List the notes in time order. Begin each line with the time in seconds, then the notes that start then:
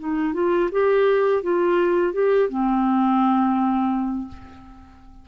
0.00 D#4
0.34 F4
0.72 G4
1.43 F4
2.14 G4
2.50 C4